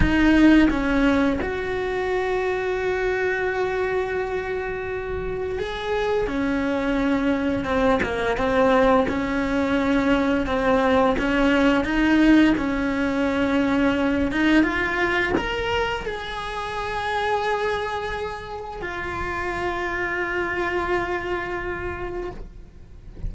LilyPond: \new Staff \with { instrumentName = "cello" } { \time 4/4 \tempo 4 = 86 dis'4 cis'4 fis'2~ | fis'1 | gis'4 cis'2 c'8 ais8 | c'4 cis'2 c'4 |
cis'4 dis'4 cis'2~ | cis'8 dis'8 f'4 ais'4 gis'4~ | gis'2. f'4~ | f'1 | }